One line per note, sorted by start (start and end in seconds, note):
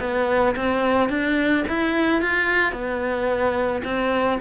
0.00 0.55 B3
0.56 1.10 C4
1.10 1.65 D4
1.69 2.22 E4
2.22 2.72 F4
2.72 3.83 B3
3.84 4.39 C4